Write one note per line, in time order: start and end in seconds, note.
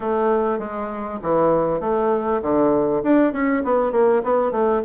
0.00 0.59 A3
0.59 1.19 G#3
1.22 1.80 E3
1.80 2.41 A3
2.41 3.02 D3
3.03 3.33 D4
3.33 3.63 C#4
3.64 3.92 B3
3.92 4.22 A#3
4.23 4.51 B3
4.51 4.82 A3